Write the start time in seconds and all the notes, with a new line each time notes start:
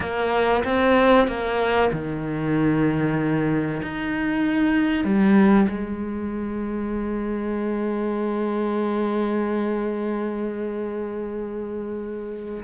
0.00 A#3
0.64 C4
1.27 A#3
1.92 D#3
3.82 D#4
5.04 G3
5.68 G#3